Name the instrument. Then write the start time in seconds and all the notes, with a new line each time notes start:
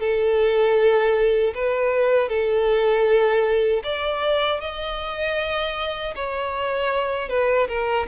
violin
0.00 A4
1.55 B4
2.29 A4
3.84 D5
4.61 D#5
6.16 C#5
7.29 B4
7.69 A#4